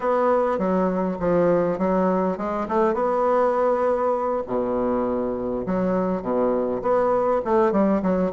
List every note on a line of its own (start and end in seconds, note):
0.00 0.58 B3
0.58 1.17 F#3
1.19 1.78 F3
1.78 2.37 F#3
2.37 2.67 G#3
2.68 2.94 A3
2.94 4.42 B3
4.47 5.65 B2
5.66 6.22 F#3
6.22 6.81 B2
6.82 7.41 B3
7.44 7.72 A3
7.72 8.01 G3
8.02 8.32 F#3